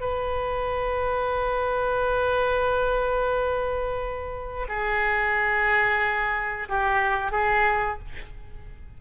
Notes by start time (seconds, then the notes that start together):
0.00 B4
4.68 G#4
6.68 G4
7.31 G#4